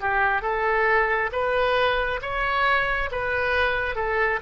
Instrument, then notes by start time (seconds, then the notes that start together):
oboe
0.00 G4
0.42 A4
1.32 B4
2.21 C#5
3.11 B4
3.95 A4